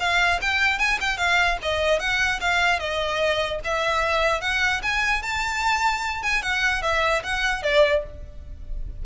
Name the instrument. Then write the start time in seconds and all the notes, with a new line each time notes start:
violin
0.00 F5
0.42 G5
0.79 G#5
1.01 G5
1.18 F5
1.63 D#5
2.00 F#5
2.41 F5
2.79 D#5
3.65 E5
4.41 F#5
4.83 G#5
5.23 A5
6.23 G#5
6.43 F#5
6.83 E5
7.24 F#5
7.63 D5